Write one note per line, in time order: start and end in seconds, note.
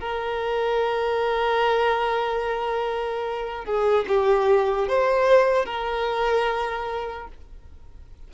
0.00 3.65 A#4
3.65 4.05 G#4
4.08 4.88 G4
4.88 5.65 C5
5.65 7.28 A#4